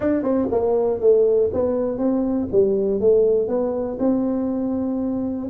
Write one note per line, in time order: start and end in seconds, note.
0.00 0.22 D4
0.22 0.47 C4
0.51 1.00 A#3
1.00 1.50 A3
1.53 1.98 B3
1.98 2.48 C4
2.52 3.00 G3
3.00 3.48 A3
3.48 3.98 B3
3.99 5.49 C4